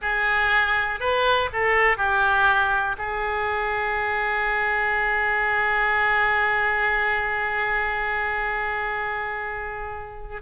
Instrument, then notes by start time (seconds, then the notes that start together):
oboe
0.01 G#4
1.00 B4
1.52 A4
1.97 G4
2.98 G#4